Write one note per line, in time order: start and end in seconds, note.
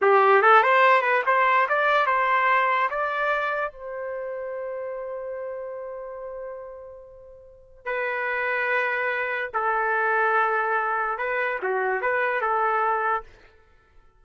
0.01 0.42 G4
0.42 0.62 A4
0.62 1.01 C5
1.01 1.22 B4
1.26 1.67 C5
1.68 2.06 D5
2.06 2.89 C5
2.89 3.72 D5
3.72 7.85 C5
7.85 9.50 B4
9.53 11.17 A4
11.17 11.59 B4
11.62 12.01 F#4
12.01 12.41 B4
12.41 13.23 A4